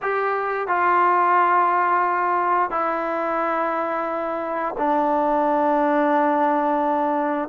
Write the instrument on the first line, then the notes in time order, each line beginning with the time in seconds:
trombone
0.02 G4
0.67 F4
2.70 E4
4.78 D4